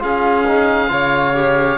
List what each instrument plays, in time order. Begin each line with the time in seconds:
0.00 cello C#4, trombone F4, violin G#4, oboe F5
0.47 trombone D#4
0.89 cello C#3, trombone F4, violin C#5
1.34 trombone G4